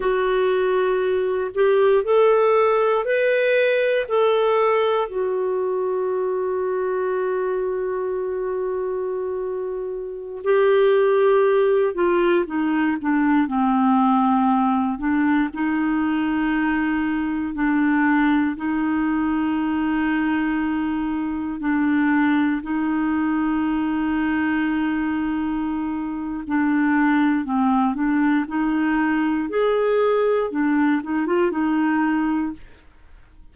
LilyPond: \new Staff \with { instrumentName = "clarinet" } { \time 4/4 \tempo 4 = 59 fis'4. g'8 a'4 b'4 | a'4 fis'2.~ | fis'2~ fis'16 g'4. f'16~ | f'16 dis'8 d'8 c'4. d'8 dis'8.~ |
dis'4~ dis'16 d'4 dis'4.~ dis'16~ | dis'4~ dis'16 d'4 dis'4.~ dis'16~ | dis'2 d'4 c'8 d'8 | dis'4 gis'4 d'8 dis'16 f'16 dis'4 | }